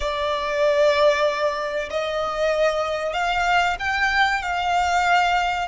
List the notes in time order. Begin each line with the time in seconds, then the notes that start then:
0.00 D5
1.90 D#5
3.13 F5
3.79 G5
4.42 F5